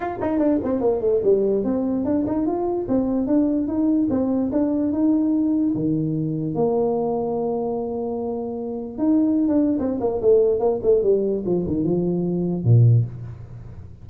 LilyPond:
\new Staff \with { instrumentName = "tuba" } { \time 4/4 \tempo 4 = 147 f'8 dis'8 d'8 c'8 ais8 a8 g4 | c'4 d'8 dis'8 f'4 c'4 | d'4 dis'4 c'4 d'4 | dis'2 dis2 |
ais1~ | ais2 dis'4~ dis'16 d'8. | c'8 ais8 a4 ais8 a8 g4 | f8 dis8 f2 ais,4 | }